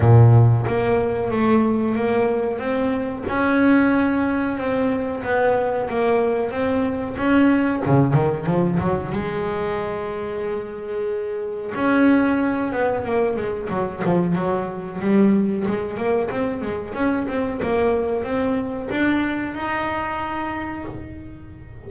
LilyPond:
\new Staff \with { instrumentName = "double bass" } { \time 4/4 \tempo 4 = 92 ais,4 ais4 a4 ais4 | c'4 cis'2 c'4 | b4 ais4 c'4 cis'4 | cis8 dis8 f8 fis8 gis2~ |
gis2 cis'4. b8 | ais8 gis8 fis8 f8 fis4 g4 | gis8 ais8 c'8 gis8 cis'8 c'8 ais4 | c'4 d'4 dis'2 | }